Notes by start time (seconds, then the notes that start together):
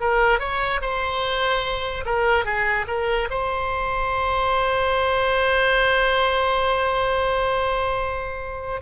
0.00 A#4
0.39 C#5
0.81 C5
2.05 A#4
2.45 G#4
2.87 A#4
3.30 C5